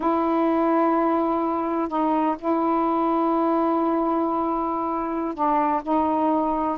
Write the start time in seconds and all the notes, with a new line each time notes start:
0.00 E4
1.88 D#4
2.39 E4
5.34 D4
5.82 D#4